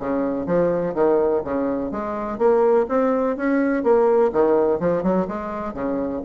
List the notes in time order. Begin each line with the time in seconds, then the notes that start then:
0.00 C#3
0.46 F3
0.94 D#3
1.44 C#3
1.91 G#3
2.38 A#3
2.89 C4
3.37 C#4
3.84 A#3
4.33 D#3
4.80 F3
5.03 F#3
5.28 G#3
5.74 C#3